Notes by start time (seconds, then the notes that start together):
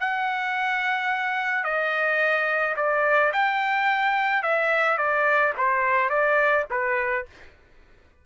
0.00 F#5
1.64 D#5
2.77 D5
3.33 G5
4.43 E5
4.98 D5
5.57 C5
6.10 D5
6.70 B4